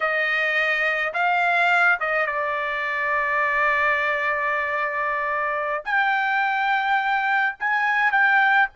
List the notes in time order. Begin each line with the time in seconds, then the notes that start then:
0.00 D#5
1.13 F5
2.00 D#5
2.26 D5
5.84 G5
7.59 G#5
8.11 G5